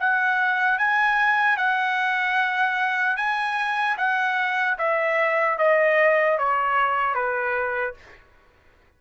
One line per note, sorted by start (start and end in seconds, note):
0.00 0.78 F#5
0.78 1.57 G#5
1.57 3.17 F#5
3.17 3.97 G#5
3.97 4.77 F#5
4.78 5.58 E5
5.59 6.38 D#5
6.38 7.15 C#5
7.15 7.95 B4